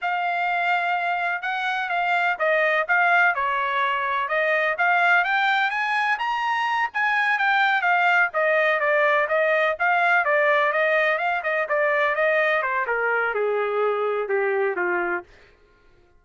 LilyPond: \new Staff \with { instrumentName = "trumpet" } { \time 4/4 \tempo 4 = 126 f''2. fis''4 | f''4 dis''4 f''4 cis''4~ | cis''4 dis''4 f''4 g''4 | gis''4 ais''4. gis''4 g''8~ |
g''8 f''4 dis''4 d''4 dis''8~ | dis''8 f''4 d''4 dis''4 f''8 | dis''8 d''4 dis''4 c''8 ais'4 | gis'2 g'4 f'4 | }